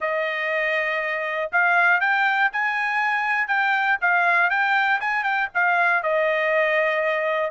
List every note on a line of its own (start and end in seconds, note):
0.00 1.50 D#5
1.52 2.00 F5
2.00 2.50 G5
2.52 3.47 G#5
3.47 3.97 G5
4.01 4.50 F5
4.50 5.00 G5
5.00 5.23 G#5
5.23 5.48 G5
5.54 6.02 F5
6.02 7.50 D#5